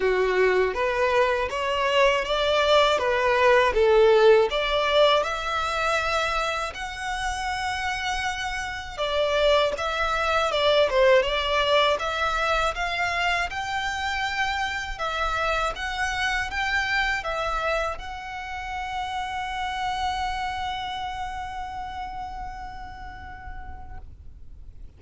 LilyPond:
\new Staff \with { instrumentName = "violin" } { \time 4/4 \tempo 4 = 80 fis'4 b'4 cis''4 d''4 | b'4 a'4 d''4 e''4~ | e''4 fis''2. | d''4 e''4 d''8 c''8 d''4 |
e''4 f''4 g''2 | e''4 fis''4 g''4 e''4 | fis''1~ | fis''1 | }